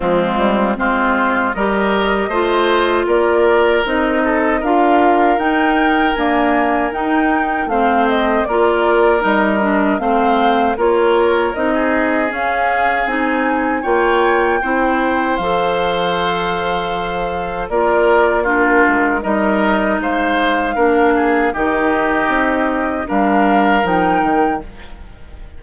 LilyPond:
<<
  \new Staff \with { instrumentName = "flute" } { \time 4/4 \tempo 4 = 78 f'4 c''4 dis''2 | d''4 dis''4 f''4 g''4 | gis''4 g''4 f''8 dis''8 d''4 | dis''4 f''4 cis''4 dis''4 |
f''4 gis''4 g''2 | f''2. d''4 | ais'4 dis''4 f''2 | dis''2 f''4 g''4 | }
  \new Staff \with { instrumentName = "oboe" } { \time 4/4 c'4 f'4 ais'4 c''4 | ais'4. a'8 ais'2~ | ais'2 c''4 ais'4~ | ais'4 c''4 ais'4~ ais'16 gis'8.~ |
gis'2 cis''4 c''4~ | c''2. ais'4 | f'4 ais'4 c''4 ais'8 gis'8 | g'2 ais'2 | }
  \new Staff \with { instrumentName = "clarinet" } { \time 4/4 gis4 c'4 g'4 f'4~ | f'4 dis'4 f'4 dis'4 | ais4 dis'4 c'4 f'4 | dis'8 d'8 c'4 f'4 dis'4 |
cis'4 dis'4 f'4 e'4 | a'2. f'4 | d'4 dis'2 d'4 | dis'2 d'4 dis'4 | }
  \new Staff \with { instrumentName = "bassoon" } { \time 4/4 f8 g8 gis4 g4 a4 | ais4 c'4 d'4 dis'4 | d'4 dis'4 a4 ais4 | g4 a4 ais4 c'4 |
cis'4 c'4 ais4 c'4 | f2. ais4~ | ais8 gis8 g4 gis4 ais4 | dis4 c'4 g4 f8 dis8 | }
>>